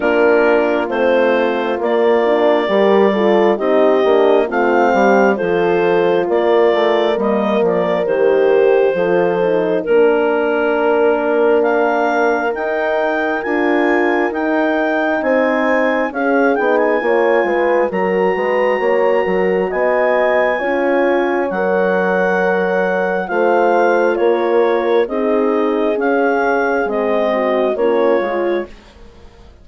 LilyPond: <<
  \new Staff \with { instrumentName = "clarinet" } { \time 4/4 \tempo 4 = 67 ais'4 c''4 d''2 | dis''4 f''4 c''4 d''4 | dis''8 d''8 c''2 ais'4~ | ais'4 f''4 g''4 gis''4 |
g''4 gis''4 f''8 g''16 gis''4~ gis''16 | ais''2 gis''2 | fis''2 f''4 cis''4 | dis''4 f''4 dis''4 cis''4 | }
  \new Staff \with { instrumentName = "horn" } { \time 4/4 f'2. ais'8 a'8 | g'4 f'8 g'8 a'4 ais'4~ | ais'2 a'4 ais'4~ | ais'1~ |
ais'4 c''4 gis'4 cis''8 b'8 | ais'8 b'8 cis''8 ais'8 dis''4 cis''4~ | cis''2 c''4 ais'4 | gis'2~ gis'8 fis'8 f'4 | }
  \new Staff \with { instrumentName = "horn" } { \time 4/4 d'4 c'4 ais8 d'8 g'8 f'8 | dis'8 d'8 c'4 f'2 | ais4 g'4 f'8 dis'8 d'4~ | d'2 dis'4 f'4 |
dis'2 cis'8 dis'8 f'4 | fis'2. f'4 | ais'2 f'2 | dis'4 cis'4 c'4 cis'8 f'8 | }
  \new Staff \with { instrumentName = "bassoon" } { \time 4/4 ais4 a4 ais4 g4 | c'8 ais8 a8 g8 f4 ais8 a8 | g8 f8 dis4 f4 ais4~ | ais2 dis'4 d'4 |
dis'4 c'4 cis'8 b8 ais8 gis8 | fis8 gis8 ais8 fis8 b4 cis'4 | fis2 a4 ais4 | c'4 cis'4 gis4 ais8 gis8 | }
>>